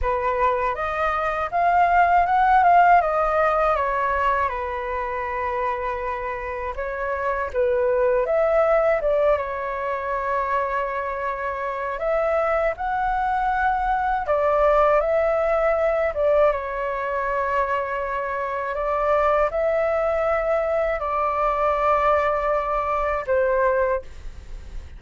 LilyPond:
\new Staff \with { instrumentName = "flute" } { \time 4/4 \tempo 4 = 80 b'4 dis''4 f''4 fis''8 f''8 | dis''4 cis''4 b'2~ | b'4 cis''4 b'4 e''4 | d''8 cis''2.~ cis''8 |
e''4 fis''2 d''4 | e''4. d''8 cis''2~ | cis''4 d''4 e''2 | d''2. c''4 | }